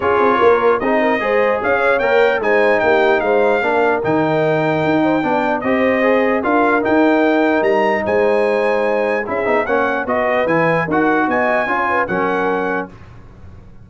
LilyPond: <<
  \new Staff \with { instrumentName = "trumpet" } { \time 4/4 \tempo 4 = 149 cis''2 dis''2 | f''4 g''4 gis''4 g''4 | f''2 g''2~ | g''2 dis''2 |
f''4 g''2 ais''4 | gis''2. e''4 | fis''4 dis''4 gis''4 fis''4 | gis''2 fis''2 | }
  \new Staff \with { instrumentName = "horn" } { \time 4/4 gis'4 ais'4 gis'8 ais'8 c''4 | cis''2 c''4 g'4 | c''4 ais'2.~ | ais'8 c''8 d''4 c''2 |
ais'1 | c''2. gis'4 | cis''4 b'2 ais'4 | dis''4 cis''8 b'8 ais'2 | }
  \new Staff \with { instrumentName = "trombone" } { \time 4/4 f'2 dis'4 gis'4~ | gis'4 ais'4 dis'2~ | dis'4 d'4 dis'2~ | dis'4 d'4 g'4 gis'4 |
f'4 dis'2.~ | dis'2. e'8 dis'8 | cis'4 fis'4 e'4 fis'4~ | fis'4 f'4 cis'2 | }
  \new Staff \with { instrumentName = "tuba" } { \time 4/4 cis'8 c'8 ais4 c'4 gis4 | cis'4 ais4 gis4 ais4 | gis4 ais4 dis2 | dis'4 b4 c'2 |
d'4 dis'2 g4 | gis2. cis'8 b8 | ais4 b4 e4 dis'4 | b4 cis'4 fis2 | }
>>